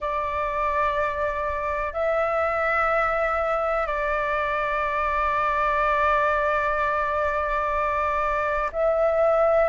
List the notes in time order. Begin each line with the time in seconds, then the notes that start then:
0.00 D5
1.93 E5
3.86 D5
8.72 E5